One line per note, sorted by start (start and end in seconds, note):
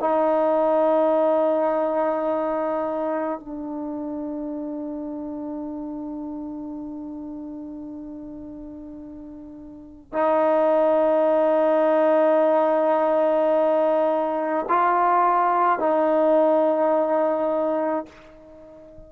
0.00 3.40 D#4
3.40 10.13 D4
10.13 14.66 D#4
14.69 15.79 F4
15.79 18.05 D#4